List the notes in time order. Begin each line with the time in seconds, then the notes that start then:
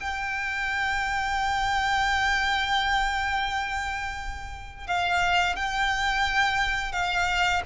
0.00 G5
4.87 F5
5.55 G5
6.92 F5